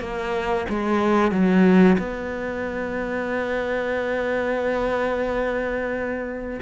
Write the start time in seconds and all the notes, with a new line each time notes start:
0.00 A#3
0.69 G#3
1.31 F#3
1.98 B3